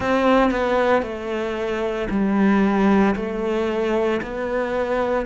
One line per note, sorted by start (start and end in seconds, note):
0.00 0.50 C4
0.50 1.02 B3
1.02 2.08 A3
2.10 3.15 G3
3.15 4.21 A3
4.22 5.26 B3